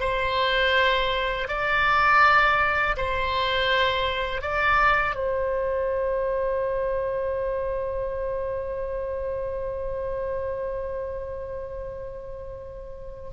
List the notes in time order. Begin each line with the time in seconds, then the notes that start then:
0.00 C5
1.48 D5
2.97 C5
4.41 D5
5.15 C5